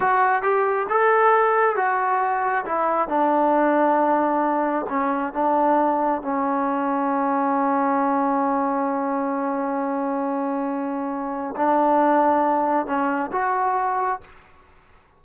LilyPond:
\new Staff \with { instrumentName = "trombone" } { \time 4/4 \tempo 4 = 135 fis'4 g'4 a'2 | fis'2 e'4 d'4~ | d'2. cis'4 | d'2 cis'2~ |
cis'1~ | cis'1~ | cis'2 d'2~ | d'4 cis'4 fis'2 | }